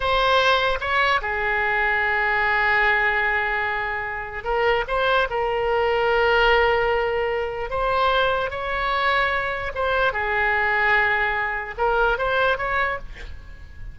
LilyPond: \new Staff \with { instrumentName = "oboe" } { \time 4/4 \tempo 4 = 148 c''2 cis''4 gis'4~ | gis'1~ | gis'2. ais'4 | c''4 ais'2.~ |
ais'2. c''4~ | c''4 cis''2. | c''4 gis'2.~ | gis'4 ais'4 c''4 cis''4 | }